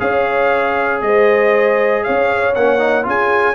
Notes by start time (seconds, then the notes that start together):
0.00 C#4 G#4 C#5 F5
1.02 G#3 C5 D#5
2.04 C#4 C#5 F5
2.55 A#3 C#4 F#5
2.79 D#4
3.04 C#4 F4 G#4 G#5